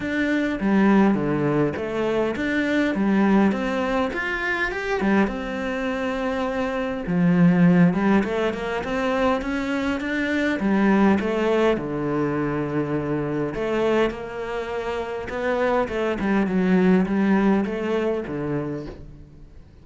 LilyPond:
\new Staff \with { instrumentName = "cello" } { \time 4/4 \tempo 4 = 102 d'4 g4 d4 a4 | d'4 g4 c'4 f'4 | g'8 g8 c'2. | f4. g8 a8 ais8 c'4 |
cis'4 d'4 g4 a4 | d2. a4 | ais2 b4 a8 g8 | fis4 g4 a4 d4 | }